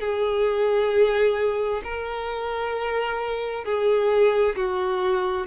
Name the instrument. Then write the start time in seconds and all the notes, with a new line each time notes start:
violin
0.00 G#4
1.83 A#4
3.64 G#4
4.56 F#4